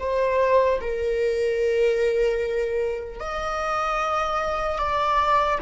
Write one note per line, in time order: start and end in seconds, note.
0.00 0.80 C5
0.81 3.20 A#4
3.20 4.79 D#5
4.79 5.59 D5